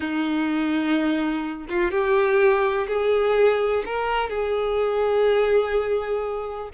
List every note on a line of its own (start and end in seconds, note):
0.00 1.66 D#4
1.69 1.91 F4
1.91 2.87 G4
2.87 3.83 G#4
3.85 4.29 A#4
4.29 6.69 G#4